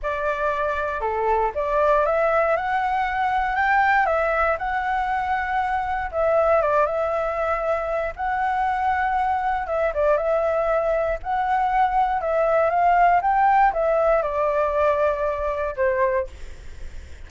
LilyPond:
\new Staff \with { instrumentName = "flute" } { \time 4/4 \tempo 4 = 118 d''2 a'4 d''4 | e''4 fis''2 g''4 | e''4 fis''2. | e''4 d''8 e''2~ e''8 |
fis''2. e''8 d''8 | e''2 fis''2 | e''4 f''4 g''4 e''4 | d''2. c''4 | }